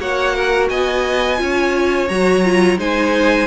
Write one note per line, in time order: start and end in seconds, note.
0.00 0.70 A#3
0.00 1.37 F#4
0.00 0.35 C#5
0.00 0.69 F#5
0.35 0.70 A#4
0.69 1.40 B3
0.69 1.40 D#5
0.69 2.08 G#5
1.37 2.10 C#4
1.37 2.07 F4
1.37 2.79 C#5
2.08 2.78 F#3
2.08 2.45 F#4
2.08 2.78 A#5
2.45 2.78 F4
2.78 3.48 G#3
2.78 3.48 D#4
2.78 3.48 C5
2.78 3.48 G#5